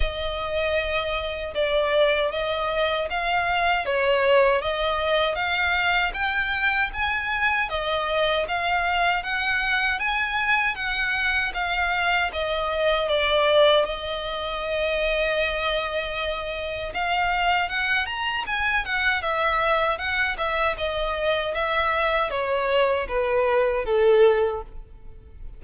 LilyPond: \new Staff \with { instrumentName = "violin" } { \time 4/4 \tempo 4 = 78 dis''2 d''4 dis''4 | f''4 cis''4 dis''4 f''4 | g''4 gis''4 dis''4 f''4 | fis''4 gis''4 fis''4 f''4 |
dis''4 d''4 dis''2~ | dis''2 f''4 fis''8 ais''8 | gis''8 fis''8 e''4 fis''8 e''8 dis''4 | e''4 cis''4 b'4 a'4 | }